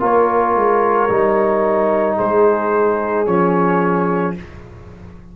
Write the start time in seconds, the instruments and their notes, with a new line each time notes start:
0.00 tuba A#3, trombone F4, horn A#4, trumpet C#5
0.55 tuba G#3
1.10 tuba G3, trombone D#4
2.17 tuba G#3, horn G#4, trumpet C5
3.27 tuba F3, trombone C#4, trumpet C#5